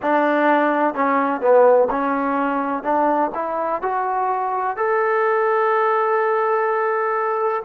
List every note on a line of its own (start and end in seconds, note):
0.02 0.94 D4
0.94 1.40 C#4
1.40 1.88 B3
1.90 2.83 C#4
2.83 3.30 D4
3.34 3.81 E4
3.82 4.77 F#4
4.77 7.62 A4